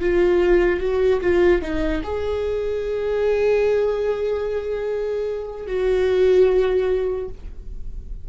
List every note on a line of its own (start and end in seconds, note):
0.00 0.80 F4
0.80 1.20 F#4
1.21 1.61 F4
1.61 2.02 D#4
2.03 5.66 G#4
5.66 7.29 F#4